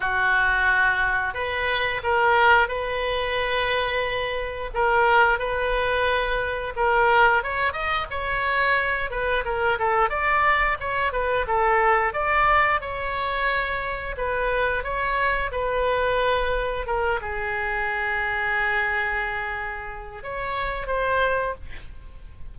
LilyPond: \new Staff \with { instrumentName = "oboe" } { \time 4/4 \tempo 4 = 89 fis'2 b'4 ais'4 | b'2. ais'4 | b'2 ais'4 cis''8 dis''8 | cis''4. b'8 ais'8 a'8 d''4 |
cis''8 b'8 a'4 d''4 cis''4~ | cis''4 b'4 cis''4 b'4~ | b'4 ais'8 gis'2~ gis'8~ | gis'2 cis''4 c''4 | }